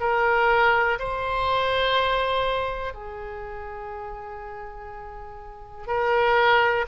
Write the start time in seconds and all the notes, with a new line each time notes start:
0.00 A#4
0.99 C5
2.94 G#4
5.87 A#4